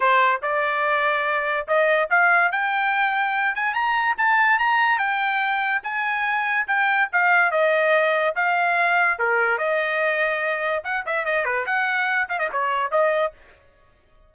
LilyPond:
\new Staff \with { instrumentName = "trumpet" } { \time 4/4 \tempo 4 = 144 c''4 d''2. | dis''4 f''4 g''2~ | g''8 gis''8 ais''4 a''4 ais''4 | g''2 gis''2 |
g''4 f''4 dis''2 | f''2 ais'4 dis''4~ | dis''2 fis''8 e''8 dis''8 b'8 | fis''4. f''16 dis''16 cis''4 dis''4 | }